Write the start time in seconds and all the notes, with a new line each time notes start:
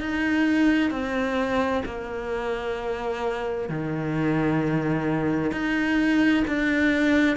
0.00 D#4
0.91 C4
1.85 A#3
3.69 D#3
5.51 D#4
6.47 D4